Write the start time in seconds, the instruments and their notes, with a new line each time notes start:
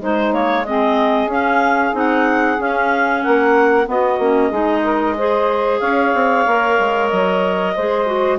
0.00 bassoon G#3, clarinet G#3 C5, saxophone D#4
0.33 clarinet A#3 C#5
0.66 clarinet C4 D#5, saxophone G#4
1.27 bassoon C#4, clarinet C#4 F5
1.93 bassoon C4, clarinet D#4 F#5
2.59 clarinet C#4 F5, bassoon C#4
3.23 bassoon A#3, saxophone A#4, clarinet F#5
3.86 clarinet B3 D#5, bassoon B3, saxophone F#4
4.19 bassoon A#3, clarinet C#4
4.49 bassoon G#3, clarinet D#4, saxophone G#4
4.83 saxophone A#4
5.17 clarinet G#4, saxophone C5
5.80 bassoon C#4, saxophone C#5, clarinet F5
6.14 bassoon C4
6.47 bassoon A#3, clarinet A#4
6.80 bassoon G#3
7.08 bassoon F#3, clarinet D#5
7.76 bassoon G#3, clarinet G#4, saxophone C5
8.06 clarinet F#4